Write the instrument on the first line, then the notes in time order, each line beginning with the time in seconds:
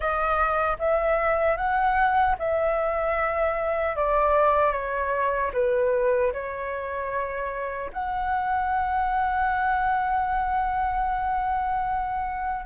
flute
0.00 D#5
0.79 E5
1.56 F#5
2.38 E5
3.95 D5
4.72 C#5
5.53 B4
6.33 C#5
7.92 F#5